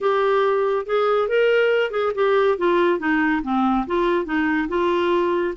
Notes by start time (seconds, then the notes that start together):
0.00 G4
0.86 G#4
1.28 A#4
1.91 G#4
2.14 G4
2.58 F4
2.99 D#4
3.43 C4
3.86 F4
4.25 D#4
4.68 F4